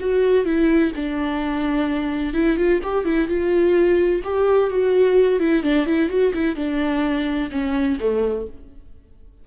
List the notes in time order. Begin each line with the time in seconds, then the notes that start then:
0.00 F#4
0.45 E4
0.95 D4
2.33 E4
2.56 F4
2.83 G4
3.05 E4
3.28 F4
4.24 G4
4.70 F#4
5.39 E4
5.63 D4
5.86 E4
6.09 F#4
6.33 E4
6.56 D4
7.51 C#4
8.00 A3